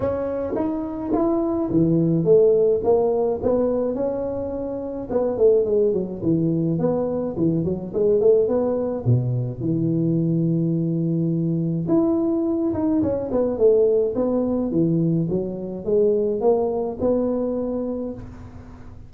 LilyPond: \new Staff \with { instrumentName = "tuba" } { \time 4/4 \tempo 4 = 106 cis'4 dis'4 e'4 e4 | a4 ais4 b4 cis'4~ | cis'4 b8 a8 gis8 fis8 e4 | b4 e8 fis8 gis8 a8 b4 |
b,4 e2.~ | e4 e'4. dis'8 cis'8 b8 | a4 b4 e4 fis4 | gis4 ais4 b2 | }